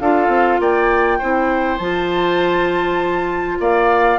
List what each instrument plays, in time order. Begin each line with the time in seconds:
0.00 bassoon D4, clarinet F4, oboe A4, flute F5
0.28 bassoon C4
0.59 bassoon A#3, oboe D5, flute G5
1.18 bassoon C4, clarinet E4, oboe C5
1.78 bassoon F3, clarinet F4, flute A5
3.60 bassoon A#3, oboe D5, flute F5